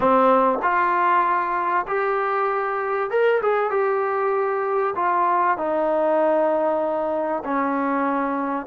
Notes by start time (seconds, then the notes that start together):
0.00 C4
0.62 F4
1.87 G4
3.10 A#4
3.42 G#4
3.70 G4
4.95 F4
5.57 D#4
7.44 C#4